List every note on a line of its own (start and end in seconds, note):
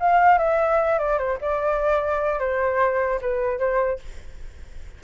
0.00 0.38 F5
0.38 0.99 E5
0.99 1.18 D5
1.18 1.38 C5
1.41 2.40 D5
2.40 3.20 C5
3.21 3.59 B4
3.59 3.99 C5